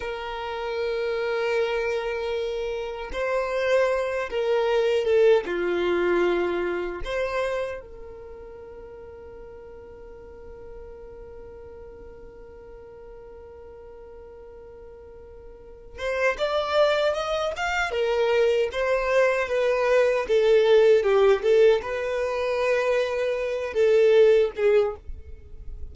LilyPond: \new Staff \with { instrumentName = "violin" } { \time 4/4 \tempo 4 = 77 ais'1 | c''4. ais'4 a'8 f'4~ | f'4 c''4 ais'2~ | ais'1~ |
ais'1~ | ais'8 c''8 d''4 dis''8 f''8 ais'4 | c''4 b'4 a'4 g'8 a'8 | b'2~ b'8 a'4 gis'8 | }